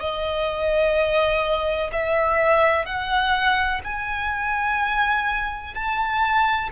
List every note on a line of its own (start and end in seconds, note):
0.00 1.90 D#5
1.92 2.86 E5
2.86 3.81 F#5
3.84 5.74 G#5
5.74 6.69 A5